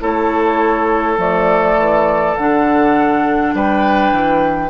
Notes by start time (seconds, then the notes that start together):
0.00 A3 E4 A4 C#5
1.18 F3 A3 D5
1.77 E3
2.37 D3 D4 F#5
3.54 G3 B4 G5
4.12 E3